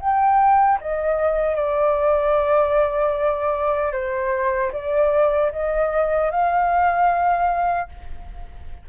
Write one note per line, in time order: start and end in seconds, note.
0.00 0.79 G5
0.81 1.55 D#5
1.55 3.92 D5
3.93 4.72 C5
4.73 5.52 D5
5.52 6.31 D#5
6.31 7.89 F5